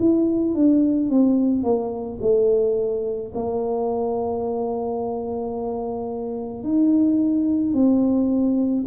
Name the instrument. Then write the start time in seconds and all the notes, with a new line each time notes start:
tuba
0.00 E4
0.55 D4
1.10 C4
1.64 A#3
2.22 A3
3.35 A#3
6.64 D#4
7.74 C4